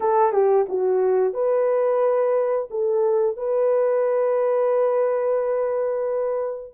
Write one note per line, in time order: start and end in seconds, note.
0.00 0.32 A4
0.32 0.66 G4
0.68 1.33 F#4
1.33 2.68 B4
2.70 3.36 A4
3.36 6.74 B4